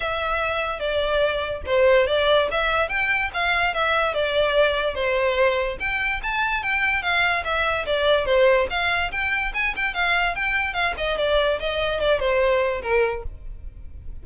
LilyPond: \new Staff \with { instrumentName = "violin" } { \time 4/4 \tempo 4 = 145 e''2 d''2 | c''4 d''4 e''4 g''4 | f''4 e''4 d''2 | c''2 g''4 a''4 |
g''4 f''4 e''4 d''4 | c''4 f''4 g''4 gis''8 g''8 | f''4 g''4 f''8 dis''8 d''4 | dis''4 d''8 c''4. ais'4 | }